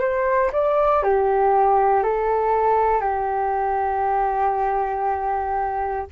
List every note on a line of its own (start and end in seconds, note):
0.00 0.51 C5
0.52 1.03 D5
1.03 2.03 G4
2.03 3.01 A4
3.01 6.06 G4